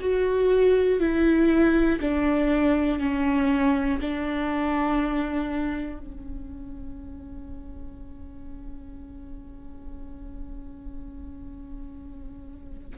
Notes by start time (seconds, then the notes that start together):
0.00 F#4
0.99 E4
2.00 D4
2.99 C#4
4.00 D4
5.99 C#4